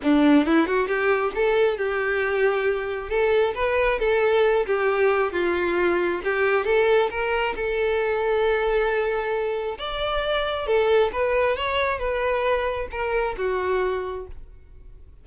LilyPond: \new Staff \with { instrumentName = "violin" } { \time 4/4 \tempo 4 = 135 d'4 e'8 fis'8 g'4 a'4 | g'2. a'4 | b'4 a'4. g'4. | f'2 g'4 a'4 |
ais'4 a'2.~ | a'2 d''2 | a'4 b'4 cis''4 b'4~ | b'4 ais'4 fis'2 | }